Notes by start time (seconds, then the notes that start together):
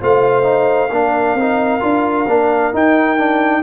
0.00 A3 F4 C5 F5
0.42 D#4
0.90 A#3 D4 A#4
1.34 C4 D#4
1.80 D4 F4
2.26 A#3 D4
2.73 D#4 G5
3.17 D4